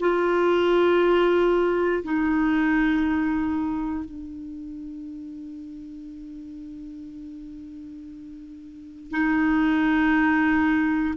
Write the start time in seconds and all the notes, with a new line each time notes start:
0.00 F4
2.04 D#4
4.05 D4
9.11 D#4